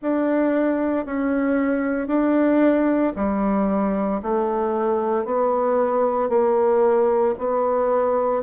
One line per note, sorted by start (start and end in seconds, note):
0.02 1.05 D4
1.05 2.07 C#4
2.07 3.12 D4
3.16 4.21 G3
4.22 5.25 A3
5.25 6.29 B3
6.29 7.34 A#3
7.38 8.42 B3